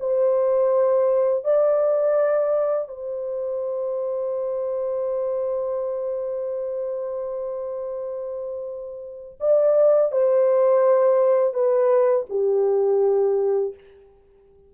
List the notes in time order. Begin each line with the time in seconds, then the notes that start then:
0.00 C5
1.44 D5
2.88 C5
9.40 D5
10.12 C5
11.54 B4
12.30 G4